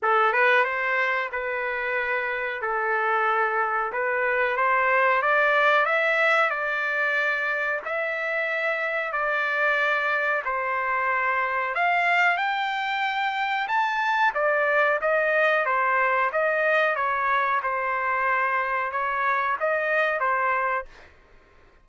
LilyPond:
\new Staff \with { instrumentName = "trumpet" } { \time 4/4 \tempo 4 = 92 a'8 b'8 c''4 b'2 | a'2 b'4 c''4 | d''4 e''4 d''2 | e''2 d''2 |
c''2 f''4 g''4~ | g''4 a''4 d''4 dis''4 | c''4 dis''4 cis''4 c''4~ | c''4 cis''4 dis''4 c''4 | }